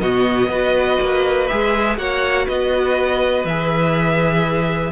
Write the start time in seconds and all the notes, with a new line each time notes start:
0.00 B2 B3 F#4 D#5
0.48 B3 F#4 B4
1.01 A#3
1.47 G#3 G#4 E5
1.97 A#3 F#4 C#5 F#5
2.46 B3 B4 D#5
3.45 E3 G#4 E5